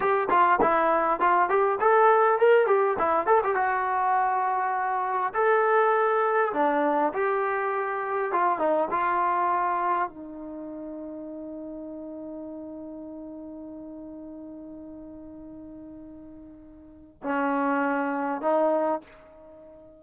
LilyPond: \new Staff \with { instrumentName = "trombone" } { \time 4/4 \tempo 4 = 101 g'8 f'8 e'4 f'8 g'8 a'4 | ais'8 g'8 e'8 a'16 g'16 fis'2~ | fis'4 a'2 d'4 | g'2 f'8 dis'8 f'4~ |
f'4 dis'2.~ | dis'1~ | dis'1~ | dis'4 cis'2 dis'4 | }